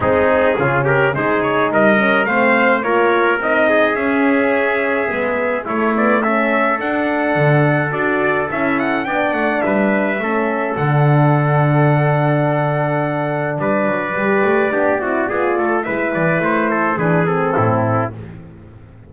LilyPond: <<
  \new Staff \with { instrumentName = "trumpet" } { \time 4/4 \tempo 4 = 106 gis'4. ais'8 c''8 cis''8 dis''4 | f''4 cis''4 dis''4 e''4~ | e''2 cis''8 d''8 e''4 | fis''2 d''4 e''8 fis''8 |
g''8 fis''8 e''2 fis''4~ | fis''1 | d''1 | e''8 d''8 c''4 b'8 a'4. | }
  \new Staff \with { instrumentName = "trumpet" } { \time 4/4 dis'4 f'8 g'8 gis'4 ais'4 | c''4 ais'4. gis'4.~ | gis'2 e'4 a'4~ | a'1 |
d''4 b'4 a'2~ | a'1 | b'2 g'8 fis'8 gis'8 a'8 | b'4. a'8 gis'4 e'4 | }
  \new Staff \with { instrumentName = "horn" } { \time 4/4 c'4 cis'4 dis'4. cis'8 | c'4 f'4 dis'4 cis'4~ | cis'4 b4 a8 b8 cis'4 | d'2 fis'4 e'4 |
d'2 cis'4 d'4~ | d'1~ | d'4 g'4 d'8 e'8 f'4 | e'2 d'8 c'4. | }
  \new Staff \with { instrumentName = "double bass" } { \time 4/4 gis4 cis4 gis4 g4 | a4 ais4 c'4 cis'4~ | cis'4 gis4 a2 | d'4 d4 d'4 cis'4 |
b8 a8 g4 a4 d4~ | d1 | g8 fis8 g8 a8 b8 c'8 b8 a8 | gis8 e8 a4 e4 a,4 | }
>>